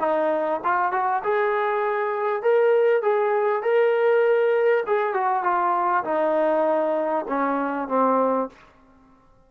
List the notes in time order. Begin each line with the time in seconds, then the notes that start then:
0.00 D#4
0.64 F4
0.92 F#4
1.24 G#4
2.43 A#4
3.02 G#4
3.63 A#4
4.87 G#4
5.14 F#4
5.43 F4
6.04 D#4
7.28 C#4
7.88 C4